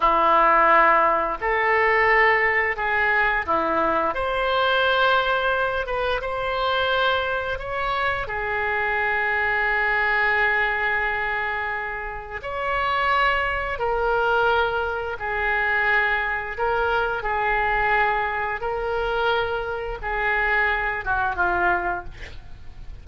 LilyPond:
\new Staff \with { instrumentName = "oboe" } { \time 4/4 \tempo 4 = 87 e'2 a'2 | gis'4 e'4 c''2~ | c''8 b'8 c''2 cis''4 | gis'1~ |
gis'2 cis''2 | ais'2 gis'2 | ais'4 gis'2 ais'4~ | ais'4 gis'4. fis'8 f'4 | }